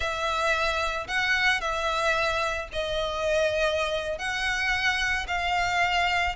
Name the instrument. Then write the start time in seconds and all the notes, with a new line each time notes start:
violin
0.00 E5
1.07 F#5
1.60 E5
2.72 D#5
4.18 F#5
5.27 F5